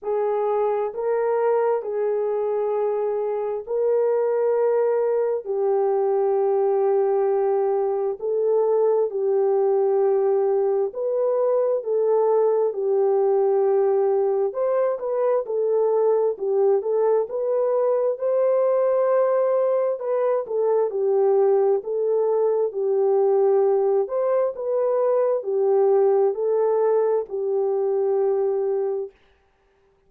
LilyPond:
\new Staff \with { instrumentName = "horn" } { \time 4/4 \tempo 4 = 66 gis'4 ais'4 gis'2 | ais'2 g'2~ | g'4 a'4 g'2 | b'4 a'4 g'2 |
c''8 b'8 a'4 g'8 a'8 b'4 | c''2 b'8 a'8 g'4 | a'4 g'4. c''8 b'4 | g'4 a'4 g'2 | }